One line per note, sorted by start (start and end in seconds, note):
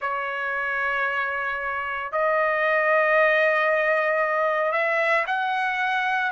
0.01 2.11 C#5
2.11 4.72 D#5
4.72 5.24 E5
5.26 6.31 F#5